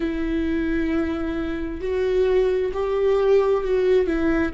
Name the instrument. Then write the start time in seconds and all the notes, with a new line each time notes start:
viola
0.00 E4
1.81 F#4
2.73 G4
3.64 F#4
4.06 E4